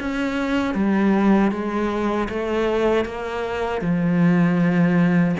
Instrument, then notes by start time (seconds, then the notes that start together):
cello
0.00 C#4
0.74 G3
1.51 G#3
2.29 A3
3.05 A#3
3.81 F3